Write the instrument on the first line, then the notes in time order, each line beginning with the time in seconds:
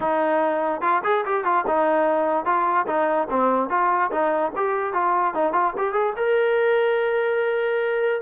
trombone
0.00 D#4
0.81 F4
1.04 G#4
1.25 G4
1.44 F4
1.67 D#4
2.45 F4
2.86 D#4
3.30 C4
3.69 F4
4.11 D#4
4.55 G4
4.93 F4
5.34 D#4
5.53 F4
5.77 G4
5.92 G#4
6.16 A#4